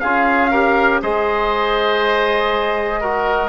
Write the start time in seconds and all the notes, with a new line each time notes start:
0.00 C#4 F4 G#4 F5
0.51 G4 A#4
1.02 G#3 G#4 C5 D#5
3.00 F#4 A#4